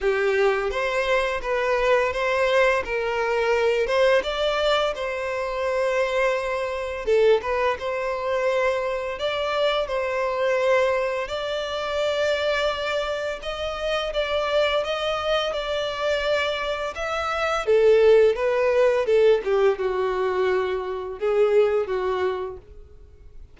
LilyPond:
\new Staff \with { instrumentName = "violin" } { \time 4/4 \tempo 4 = 85 g'4 c''4 b'4 c''4 | ais'4. c''8 d''4 c''4~ | c''2 a'8 b'8 c''4~ | c''4 d''4 c''2 |
d''2. dis''4 | d''4 dis''4 d''2 | e''4 a'4 b'4 a'8 g'8 | fis'2 gis'4 fis'4 | }